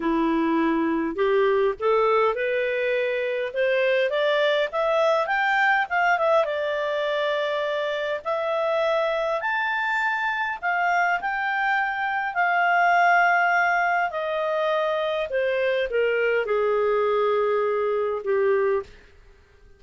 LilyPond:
\new Staff \with { instrumentName = "clarinet" } { \time 4/4 \tempo 4 = 102 e'2 g'4 a'4 | b'2 c''4 d''4 | e''4 g''4 f''8 e''8 d''4~ | d''2 e''2 |
a''2 f''4 g''4~ | g''4 f''2. | dis''2 c''4 ais'4 | gis'2. g'4 | }